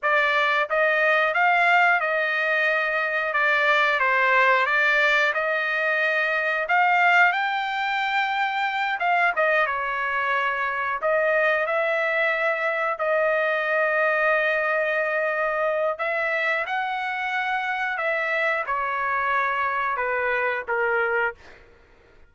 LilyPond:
\new Staff \with { instrumentName = "trumpet" } { \time 4/4 \tempo 4 = 90 d''4 dis''4 f''4 dis''4~ | dis''4 d''4 c''4 d''4 | dis''2 f''4 g''4~ | g''4. f''8 dis''8 cis''4.~ |
cis''8 dis''4 e''2 dis''8~ | dis''1 | e''4 fis''2 e''4 | cis''2 b'4 ais'4 | }